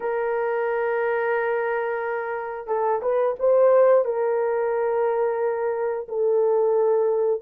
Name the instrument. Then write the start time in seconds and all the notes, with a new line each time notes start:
horn
0.00 A#4
2.67 A4
3.02 B4
3.39 C5
4.04 A#4
6.08 A4